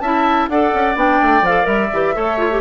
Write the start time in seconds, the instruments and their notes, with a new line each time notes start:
0.00 bassoon C#4, clarinet E4, oboe E5, flute A5
0.49 bassoon D4, clarinet A4, oboe D5, flute F#5
0.74 bassoon C#4
0.95 bassoon B3, clarinet D4, flute G5
1.23 bassoon A3
1.42 bassoon F3, clarinet A4, flute F5
1.63 bassoon G3, clarinet A#4, flute E5
1.93 bassoon E3, clarinet G4
2.15 bassoon A3, clarinet A4, oboe C#5
2.38 clarinet F4
2.51 clarinet G4